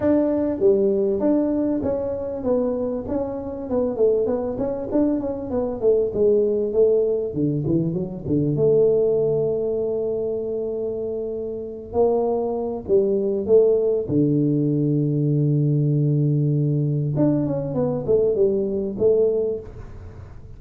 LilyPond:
\new Staff \with { instrumentName = "tuba" } { \time 4/4 \tempo 4 = 98 d'4 g4 d'4 cis'4 | b4 cis'4 b8 a8 b8 cis'8 | d'8 cis'8 b8 a8 gis4 a4 | d8 e8 fis8 d8 a2~ |
a2.~ a8 ais8~ | ais4 g4 a4 d4~ | d1 | d'8 cis'8 b8 a8 g4 a4 | }